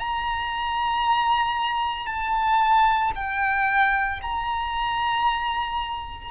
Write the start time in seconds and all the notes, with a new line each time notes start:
0.00 A#5
2.06 A5
3.15 G5
4.22 A#5